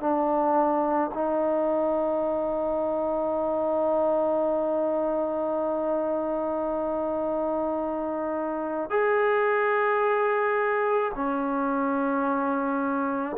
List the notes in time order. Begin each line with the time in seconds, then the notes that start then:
0.00 D4
1.14 D#4
8.90 G#4
11.15 C#4